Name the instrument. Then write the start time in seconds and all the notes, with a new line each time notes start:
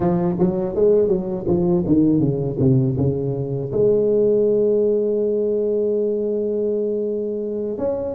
tuba
0.00 F3
0.39 F#3
0.75 G#3
1.08 F#3
1.47 F3
1.86 D#3
2.20 C#3
2.59 C3
2.97 C#3
3.71 G#3
7.77 C#4